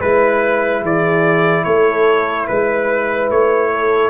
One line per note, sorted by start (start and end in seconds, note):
0.00 0.83 G#3
0.00 4.11 E4
0.00 0.82 B4
0.00 0.84 B4
0.83 1.65 E3
0.83 1.65 G#4
0.83 1.65 D5
1.65 2.48 A3
1.65 2.48 A4
1.65 2.47 C#5
2.47 3.30 G#3
2.47 3.30 B4
2.47 3.72 B4
3.30 4.11 A3
3.30 4.11 C#5
3.72 4.11 A4